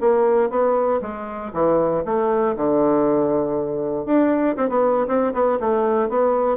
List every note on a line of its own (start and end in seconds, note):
0.00 0.50 A#3
0.50 1.01 B3
1.01 1.52 G#3
1.53 2.04 E3
2.05 2.56 A3
2.56 4.05 D3
4.05 4.56 D4
4.56 4.69 C4
4.69 5.07 B3
5.08 5.33 C4
5.33 5.59 B3
5.60 6.09 A3
6.09 6.57 B3